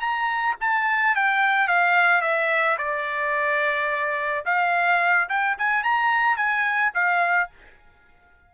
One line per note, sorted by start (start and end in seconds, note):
0.00 0.56 A#5
0.61 1.15 A5
1.15 1.68 G5
1.68 2.21 F5
2.21 2.77 E5
2.78 4.44 D5
4.45 5.29 F5
5.29 5.57 G5
5.58 5.83 G#5
5.83 6.37 A#5
6.37 6.92 G#5
6.94 7.50 F5